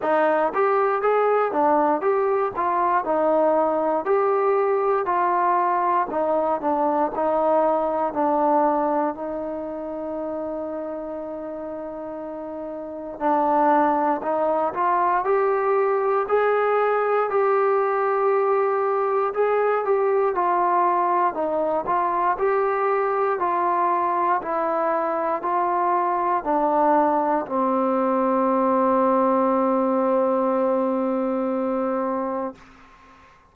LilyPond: \new Staff \with { instrumentName = "trombone" } { \time 4/4 \tempo 4 = 59 dis'8 g'8 gis'8 d'8 g'8 f'8 dis'4 | g'4 f'4 dis'8 d'8 dis'4 | d'4 dis'2.~ | dis'4 d'4 dis'8 f'8 g'4 |
gis'4 g'2 gis'8 g'8 | f'4 dis'8 f'8 g'4 f'4 | e'4 f'4 d'4 c'4~ | c'1 | }